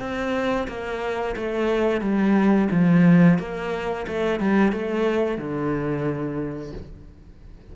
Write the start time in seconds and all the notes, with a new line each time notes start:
0.00 C4
0.68 A#3
1.36 A3
2.01 G3
2.71 F3
3.39 A#3
4.08 A3
4.40 G3
4.73 A3
5.38 D3